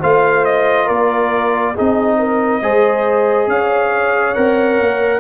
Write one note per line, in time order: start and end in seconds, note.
0.00 0.89 A3
0.00 1.75 F4
0.00 0.86 C5
0.00 0.45 F5
0.45 0.88 D#5
0.86 1.76 A#3
0.86 1.73 A#4
0.86 1.76 D5
1.74 2.62 C4
1.74 2.62 D#4
1.74 2.18 G#4
1.74 3.49 D#5
2.19 2.62 A#4
2.62 3.47 G#3
2.62 4.35 G#4
2.62 3.50 C5
3.47 4.34 C#4
3.47 5.20 C#5
3.47 4.34 F5
4.34 4.80 C4
4.34 5.20 A#4
4.34 5.20 F#5
4.80 5.20 A#3